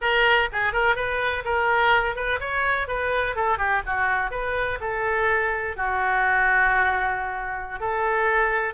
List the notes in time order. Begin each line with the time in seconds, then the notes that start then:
0.01 A#4
0.52 G#4
0.72 A#4
0.95 B4
1.44 A#4
2.15 B4
2.40 C#5
2.87 B4
3.35 A4
3.58 G4
3.86 F#4
4.30 B4
4.80 A4
5.76 F#4
7.80 A4